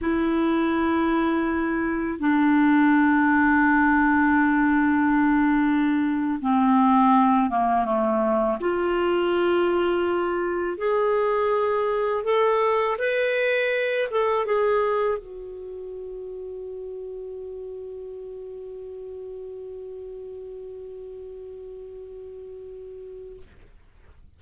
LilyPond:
\new Staff \with { instrumentName = "clarinet" } { \time 4/4 \tempo 4 = 82 e'2. d'4~ | d'1~ | d'8. c'4. ais8 a4 f'16~ | f'2~ f'8. gis'4~ gis'16~ |
gis'8. a'4 b'4. a'8 gis'16~ | gis'8. fis'2.~ fis'16~ | fis'1~ | fis'1 | }